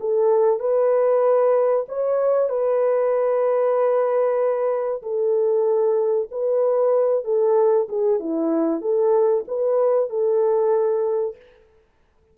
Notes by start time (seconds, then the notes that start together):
0.00 A4
0.60 B4
1.88 C#5
2.49 B4
5.02 A4
6.31 B4
7.25 A4
7.89 G#4
8.20 E4
8.81 A4
9.48 B4
10.10 A4